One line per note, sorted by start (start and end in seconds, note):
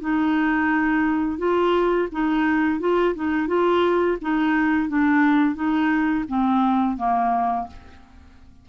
0.00 1.38 D#4
1.38 2.08 F4
2.12 2.79 D#4
2.79 3.14 F4
3.15 3.47 D#4
3.47 4.17 F4
4.21 4.88 D#4
4.88 5.55 D4
5.55 6.25 D#4
6.28 6.97 C4
6.97 7.67 A#3